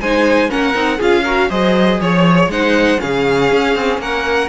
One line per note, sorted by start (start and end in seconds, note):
0.00 0.50 G#3
0.00 0.48 D#4
0.00 0.50 C5
0.00 0.50 G#5
0.48 0.74 A#3
0.48 0.73 C#4
0.48 0.97 A#4
0.48 1.00 F#5
0.74 0.99 C4
0.74 0.99 D#4
0.97 1.50 C#4
0.97 1.24 F4
0.97 1.22 G#4
0.97 1.50 F5
1.23 1.49 F#4
1.23 1.48 A#4
1.49 2.00 F#3
1.49 2.49 G#4
1.49 1.99 C5
1.49 2.00 D#5
2.00 2.48 F3
2.00 2.50 C#5
2.00 2.52 C#5
2.48 2.98 G#3
2.48 2.98 D#4
2.48 3.01 C5
2.48 3.00 F#5
2.98 3.51 C#3
2.98 4.48 C#4
2.98 4.01 G#4
2.98 4.00 F5
3.51 3.75 C#4
3.75 3.98 C4
3.98 4.48 A#3
3.98 4.49 A#4
3.98 4.49 F#5